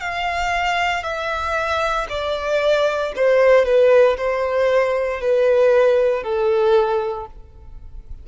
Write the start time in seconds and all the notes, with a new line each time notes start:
0.00 F5
1.03 E5
2.09 D5
3.16 C5
3.65 B4
4.17 C5
5.21 B4
6.23 A4